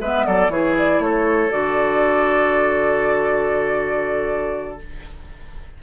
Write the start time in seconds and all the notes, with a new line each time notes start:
0.00 G#3 B3 B4 E5
0.25 F#3 A4 D5
0.48 E3 E4 G#4 C#5
0.77 D5
0.99 A3 A4 C#5
1.50 D3 F#4 D5